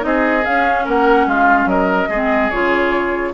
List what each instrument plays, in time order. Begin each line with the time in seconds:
0.00 bassoon C4, clarinet D#4, flute D#5
0.07 oboe G#4
0.46 clarinet C#4, bassoon C#4, flute F5
0.85 bassoon A#3, oboe A#4, flute F#5
1.27 bassoon G#3, oboe F4, flute F5
1.66 bassoon F#3, oboe A#4, flute D#5
2.09 bassoon G#3, clarinet C4, oboe G#4
2.51 bassoon C#3, clarinet F4, flute C#5